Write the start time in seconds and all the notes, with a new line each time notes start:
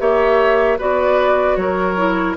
0.00 A#3 G4 C#5 E5
0.78 B3 F#4 B4 D5
1.56 F#3 A#4 C#5
1.97 E4